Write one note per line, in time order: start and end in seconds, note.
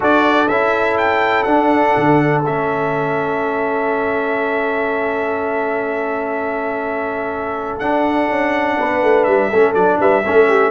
0.00 0.49 D4
0.00 0.48 F#4
0.00 8.77 A4
0.00 0.48 D5
0.48 1.45 C#4
0.48 1.46 E4
0.48 0.97 E5
0.97 1.43 G5
1.43 1.94 D4
1.43 2.44 D4
1.43 2.41 F#5
1.97 2.44 D3
2.44 7.81 A3
2.44 7.81 C#4
2.44 7.79 E5
7.79 8.28 D4
7.79 9.52 D4
7.79 9.23 F#5
8.28 8.77 C#4
8.79 9.02 B3
8.79 9.49 B4
9.02 9.26 A3
9.23 9.51 G3
9.23 9.72 E5
9.49 9.74 A3
9.49 9.74 C#4
9.49 9.98 A4
9.74 9.98 F#3
9.74 10.23 D4
9.74 9.98 D5
9.99 10.24 G3
9.99 10.24 B4
9.99 10.71 E5
10.25 10.71 A3
10.25 10.71 C#4
10.25 10.48 A4
10.48 10.71 G4